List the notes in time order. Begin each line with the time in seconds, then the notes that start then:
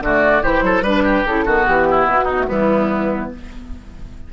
0.00 D3 A3 F#4 D5
0.42 E3 E4 G4 C5
0.62 F#3 A4
0.81 G3 D4 B4
1.03 G4
1.26 C#3 E4 A4
1.45 D#3 B3 F#4
1.66 E3 G4
1.90 E4
2.05 B2 F#4
2.24 D#4
2.38 A3
2.48 E3 G3 B3 E4